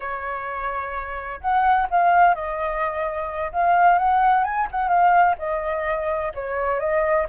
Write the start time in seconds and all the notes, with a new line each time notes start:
0.00 C#5
1.40 F#5
1.90 F5
2.34 D#5
3.52 F5
3.98 F#5
4.44 G#5
4.71 F#5
4.88 F5
5.38 D#5
6.34 C#5
6.79 D#5